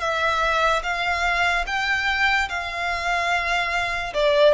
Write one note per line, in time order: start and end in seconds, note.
0.00 0.82 E5
0.83 1.65 F5
1.66 2.48 G5
2.49 4.13 F5
4.14 4.54 D5